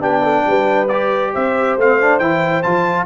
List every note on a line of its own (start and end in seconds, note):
0.00 0.44 B3
0.00 0.88 D4
0.00 0.22 G4
0.00 0.88 G5
0.23 0.45 A4
0.46 1.34 G3
0.46 1.34 B4
0.88 1.80 G4
0.88 1.32 D5
1.34 1.77 C4
1.34 3.06 C5
1.34 1.79 E5
1.77 2.20 A3
1.77 2.01 C4
1.77 2.19 F5
2.01 2.21 D4
2.19 2.64 E3
2.19 2.64 E4
2.19 2.63 G5
2.63 3.06 F3
2.63 3.06 F4
2.63 3.06 A5